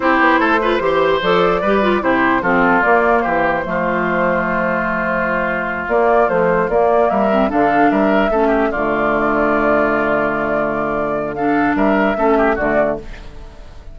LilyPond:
<<
  \new Staff \with { instrumentName = "flute" } { \time 4/4 \tempo 4 = 148 c''2. d''4~ | d''4 c''4 a'4 d''4 | c''1~ | c''2~ c''8 d''4 c''8~ |
c''8 d''4 e''4 f''4 e''8~ | e''4. d''2~ d''8~ | d''1 | f''4 e''2 d''4 | }
  \new Staff \with { instrumentName = "oboe" } { \time 4/4 g'4 a'8 b'8 c''2 | b'4 g'4 f'2 | g'4 f'2.~ | f'1~ |
f'4. ais'4 a'4 ais'8~ | ais'8 a'8 g'8 f'2~ f'8~ | f'1 | a'4 ais'4 a'8 g'8 fis'4 | }
  \new Staff \with { instrumentName = "clarinet" } { \time 4/4 e'4. f'8 g'4 a'4 | g'8 f'8 e'4 c'4 ais4~ | ais4 a2.~ | a2~ a8 ais4 f8~ |
f8 ais4. c'8 d'4.~ | d'8 cis'4 a2~ a8~ | a1 | d'2 cis'4 a4 | }
  \new Staff \with { instrumentName = "bassoon" } { \time 4/4 c'8 b8 a4 e4 f4 | g4 c4 f4 ais4 | e4 f2.~ | f2~ f8 ais4 a8~ |
a8 ais4 g4 d4 g8~ | g8 a4 d2~ d8~ | d1~ | d4 g4 a4 d4 | }
>>